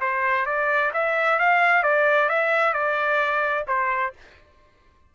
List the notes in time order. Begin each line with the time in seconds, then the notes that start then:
0.00 C5
0.45 D5
0.93 E5
1.39 F5
1.83 D5
2.28 E5
2.73 D5
3.67 C5